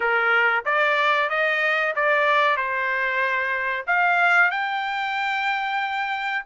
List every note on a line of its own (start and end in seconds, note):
0.00 0.64 A#4
0.65 1.29 D5
1.29 1.94 D#5
1.95 2.56 D5
2.56 3.85 C5
3.87 4.50 F5
4.50 6.44 G5